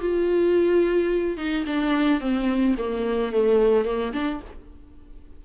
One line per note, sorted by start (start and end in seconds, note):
0.00 1.37 F4
1.37 1.64 D#4
1.66 2.20 D4
2.20 2.75 C4
2.78 3.32 A#3
3.32 3.85 A3
3.85 4.12 A#3
4.13 4.40 D4